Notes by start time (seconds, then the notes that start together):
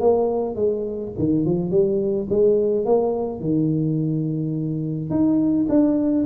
0.00 A#3
0.55 G#3
1.19 D#3
1.45 F3
1.70 G3
2.30 G#3
2.85 A#3
3.40 D#3
5.10 D#4
5.69 D4